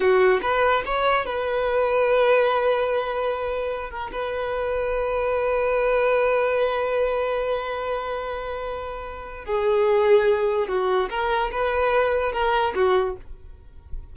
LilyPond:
\new Staff \with { instrumentName = "violin" } { \time 4/4 \tempo 4 = 146 fis'4 b'4 cis''4 b'4~ | b'1~ | b'4. ais'8 b'2~ | b'1~ |
b'1~ | b'2. gis'4~ | gis'2 fis'4 ais'4 | b'2 ais'4 fis'4 | }